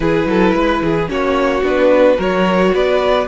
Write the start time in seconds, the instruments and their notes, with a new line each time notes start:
0.00 cello E3, viola E4, violin G#4 B4
0.25 cello F#3, violin A4
0.53 cello G#3, violin B4
0.81 cello E3, violin G#4
1.07 cello A#3, viola C#4, violin F#4 C#5
1.62 cello B3, viola D4, violin B4
2.16 cello F#3, viola F#4, violin A#4 C#5
2.74 cello B3, violin B4 D5